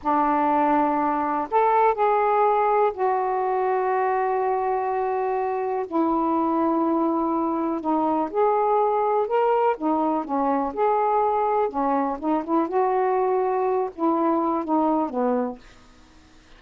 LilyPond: \new Staff \with { instrumentName = "saxophone" } { \time 4/4 \tempo 4 = 123 d'2. a'4 | gis'2 fis'2~ | fis'1 | e'1 |
dis'4 gis'2 ais'4 | dis'4 cis'4 gis'2 | cis'4 dis'8 e'8 fis'2~ | fis'8 e'4. dis'4 b4 | }